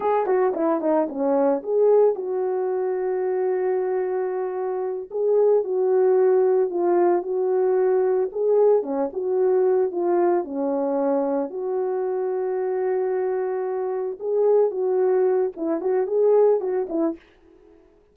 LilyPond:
\new Staff \with { instrumentName = "horn" } { \time 4/4 \tempo 4 = 112 gis'8 fis'8 e'8 dis'8 cis'4 gis'4 | fis'1~ | fis'4. gis'4 fis'4.~ | fis'8 f'4 fis'2 gis'8~ |
gis'8 cis'8 fis'4. f'4 cis'8~ | cis'4. fis'2~ fis'8~ | fis'2~ fis'8 gis'4 fis'8~ | fis'4 e'8 fis'8 gis'4 fis'8 e'8 | }